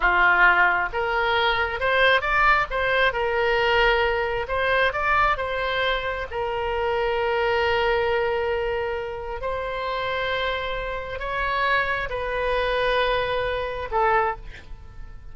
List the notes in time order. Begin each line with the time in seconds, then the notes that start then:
0.00 F4
0.92 A#4
1.80 C5
2.21 D5
2.70 C5
3.12 A#4
4.48 C5
4.93 D5
5.37 C5
6.30 A#4
9.41 C5
11.19 C#5
12.09 B4
13.91 A4